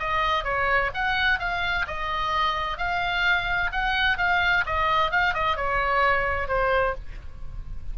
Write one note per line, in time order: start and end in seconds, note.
0.00 0.45 D#5
0.45 0.91 C#5
0.94 1.40 F#5
1.40 1.86 F5
1.88 2.78 D#5
2.78 3.71 F5
3.72 4.18 F#5
4.18 4.65 F5
4.67 5.12 D#5
5.12 5.34 F5
5.34 5.57 D#5
5.57 6.48 C#5
6.48 6.95 C5